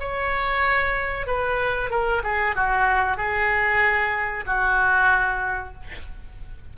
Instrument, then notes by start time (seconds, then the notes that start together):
oboe
0.00 C#5
1.27 B4
1.91 A#4
2.24 G#4
2.56 F#4
3.17 G#4
4.46 F#4